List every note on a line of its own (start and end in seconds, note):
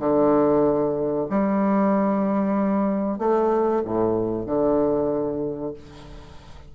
0.00 1.28 D3
1.30 3.19 G3
3.19 3.83 A3
3.85 4.47 A2
4.47 5.74 D3